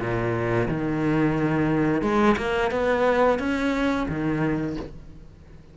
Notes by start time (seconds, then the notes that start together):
0.00 A#2
0.68 D#3
2.02 G#3
2.37 A#3
2.71 B3
3.39 C#4
4.09 D#3